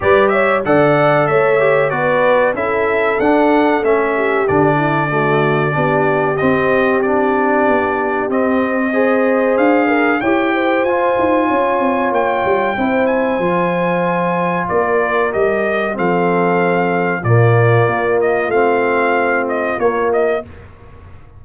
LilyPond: <<
  \new Staff \with { instrumentName = "trumpet" } { \time 4/4 \tempo 4 = 94 d''8 e''8 fis''4 e''4 d''4 | e''4 fis''4 e''4 d''4~ | d''2 dis''4 d''4~ | d''4 dis''2 f''4 |
g''4 gis''2 g''4~ | g''8 gis''2~ gis''8 d''4 | dis''4 f''2 d''4~ | d''8 dis''8 f''4. dis''8 cis''8 dis''8 | }
  \new Staff \with { instrumentName = "horn" } { \time 4/4 b'8 cis''8 d''4 cis''4 b'4 | a'2~ a'8 g'4 e'8 | fis'4 g'2.~ | g'2 c''4. ais'8 |
cis''8 c''4. cis''2 | c''2. ais'4~ | ais'4 a'2 f'4~ | f'1 | }
  \new Staff \with { instrumentName = "trombone" } { \time 4/4 g'4 a'4. g'8 fis'4 | e'4 d'4 cis'4 d'4 | a4 d'4 c'4 d'4~ | d'4 c'4 gis'2 |
g'4 f'2. | e'4 f'2. | g'4 c'2 ais4~ | ais4 c'2 ais4 | }
  \new Staff \with { instrumentName = "tuba" } { \time 4/4 g4 d4 a4 b4 | cis'4 d'4 a4 d4~ | d4 b4 c'2 | b4 c'2 d'4 |
e'4 f'8 dis'8 cis'8 c'8 ais8 g8 | c'4 f2 ais4 | g4 f2 ais,4 | ais4 a2 ais4 | }
>>